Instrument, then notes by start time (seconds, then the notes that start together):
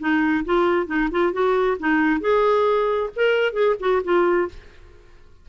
clarinet
0.00 D#4
0.45 F4
0.87 D#4
1.11 F4
1.33 F#4
1.80 D#4
2.21 G#4
3.16 A#4
3.53 G#4
3.80 F#4
4.04 F4